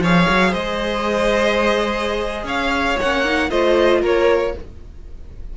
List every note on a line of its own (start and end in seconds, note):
0.00 0.26 F3
0.00 3.02 G#4
0.00 0.51 C#5
0.00 0.54 F5
0.29 0.54 F#3
0.51 2.44 G#3
0.51 2.45 C5
0.51 2.48 D#5
2.44 2.96 C#4
2.44 3.50 C#5
2.44 3.00 F5
3.00 3.51 A#3
3.00 3.25 C#4
3.00 3.51 F#5
3.25 3.50 D#4
3.50 4.02 A3
3.50 4.54 F4
3.50 4.02 C5
3.50 4.02 D#5
4.02 4.54 A#3
4.02 4.53 A#4
4.02 4.57 C#5